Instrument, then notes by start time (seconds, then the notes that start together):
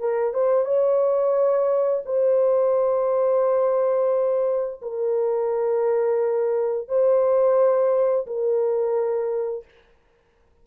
horn
0.00 A#4
0.34 C5
0.65 C#5
2.06 C5
4.82 A#4
6.88 C5
8.27 A#4